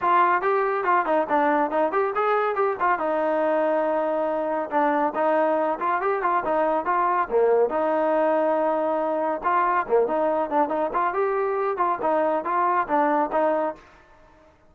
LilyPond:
\new Staff \with { instrumentName = "trombone" } { \time 4/4 \tempo 4 = 140 f'4 g'4 f'8 dis'8 d'4 | dis'8 g'8 gis'4 g'8 f'8 dis'4~ | dis'2. d'4 | dis'4. f'8 g'8 f'8 dis'4 |
f'4 ais4 dis'2~ | dis'2 f'4 ais8 dis'8~ | dis'8 d'8 dis'8 f'8 g'4. f'8 | dis'4 f'4 d'4 dis'4 | }